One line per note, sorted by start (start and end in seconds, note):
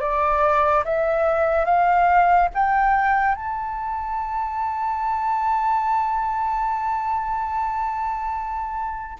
0.00 0.83 D5
0.84 1.65 E5
1.65 2.48 F5
2.54 3.35 G5
3.35 9.18 A5